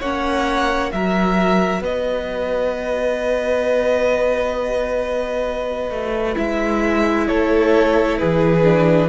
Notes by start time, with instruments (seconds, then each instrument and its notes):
0.00 cello A#3, viola C#4, violin C#5 F#5
0.92 cello F#3, viola F#4, violin A#4 E5
1.81 cello B3, violin B4 D#5
5.90 cello A3
6.35 cello G#3, viola E4, violin E5
7.28 cello A3, violin A4 C#5
8.18 cello E3, violin G#4 B4
8.64 viola D4